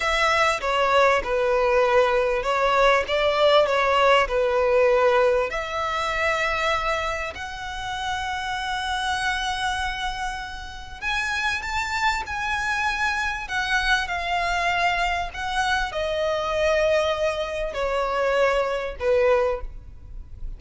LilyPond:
\new Staff \with { instrumentName = "violin" } { \time 4/4 \tempo 4 = 98 e''4 cis''4 b'2 | cis''4 d''4 cis''4 b'4~ | b'4 e''2. | fis''1~ |
fis''2 gis''4 a''4 | gis''2 fis''4 f''4~ | f''4 fis''4 dis''2~ | dis''4 cis''2 b'4 | }